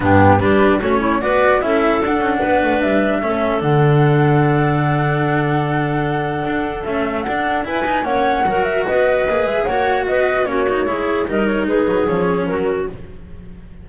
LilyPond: <<
  \new Staff \with { instrumentName = "flute" } { \time 4/4 \tempo 4 = 149 g'4 b'4 cis''4 d''4 | e''4 fis''2 e''4~ | e''4 fis''2.~ | fis''1~ |
fis''4 e''4 fis''4 gis''4 | fis''4. e''8 dis''4. e''8 | fis''4 dis''4 cis''2 | dis''8 cis''8 b'4 cis''4 ais'4 | }
  \new Staff \with { instrumentName = "clarinet" } { \time 4/4 d'4 g'4 fis'8 e'8 b'4 | a'2 b'2 | a'1~ | a'1~ |
a'2. b'4 | cis''4 ais'4 b'2 | cis''4 b'4 fis'4 gis'4 | ais'4 gis'2 fis'4 | }
  \new Staff \with { instrumentName = "cello" } { \time 4/4 b4 d'4 cis'4 fis'4 | e'4 d'2. | cis'4 d'2.~ | d'1~ |
d'4 a4 d'4 e'8 dis'8 | cis'4 fis'2 gis'4 | fis'2 cis'8 dis'8 e'4 | dis'2 cis'2 | }
  \new Staff \with { instrumentName = "double bass" } { \time 4/4 g,4 g4 a4 b4 | cis'4 d'8 cis'8 b8 a8 g4 | a4 d2.~ | d1 |
d'4 cis'4 d'4 e'4 | ais4 fis4 b4 ais8 gis8 | ais4 b4 ais4 gis4 | g4 gis8 fis8 f4 fis4 | }
>>